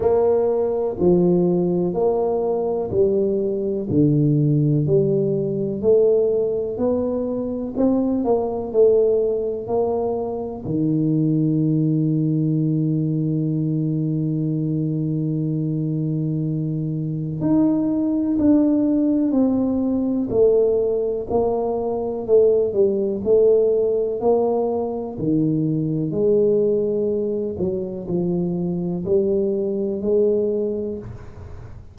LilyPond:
\new Staff \with { instrumentName = "tuba" } { \time 4/4 \tempo 4 = 62 ais4 f4 ais4 g4 | d4 g4 a4 b4 | c'8 ais8 a4 ais4 dis4~ | dis1~ |
dis2 dis'4 d'4 | c'4 a4 ais4 a8 g8 | a4 ais4 dis4 gis4~ | gis8 fis8 f4 g4 gis4 | }